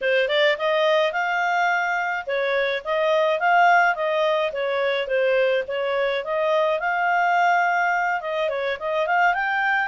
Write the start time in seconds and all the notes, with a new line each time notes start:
0.01 C5
0.28 D5
0.57 D#5
1.12 F5
2.26 C#5
2.84 D#5
3.39 F5
3.95 D#5
4.52 C#5
5.07 C5
5.67 C#5
6.24 D#5
6.79 F5
8.20 D#5
8.49 C#5
8.79 D#5
9.06 F5
9.33 G5